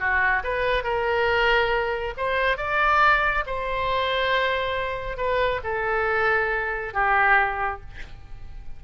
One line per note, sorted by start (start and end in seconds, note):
0.00 0.43 F#4
0.44 0.84 B4
0.84 2.15 A#4
2.18 2.58 C5
2.58 3.45 D5
3.47 5.18 C5
5.18 5.61 B4
5.64 6.94 A4
6.94 7.81 G4